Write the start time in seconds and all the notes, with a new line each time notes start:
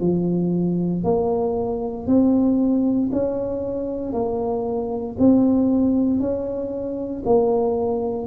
0.00 F3
1.04 A#3
2.07 C4
3.12 C#4
4.13 A#3
5.19 C4
6.20 C#4
7.26 A#3